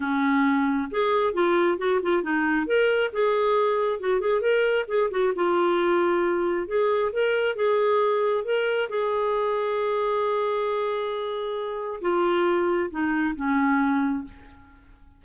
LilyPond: \new Staff \with { instrumentName = "clarinet" } { \time 4/4 \tempo 4 = 135 cis'2 gis'4 f'4 | fis'8 f'8 dis'4 ais'4 gis'4~ | gis'4 fis'8 gis'8 ais'4 gis'8 fis'8 | f'2. gis'4 |
ais'4 gis'2 ais'4 | gis'1~ | gis'2. f'4~ | f'4 dis'4 cis'2 | }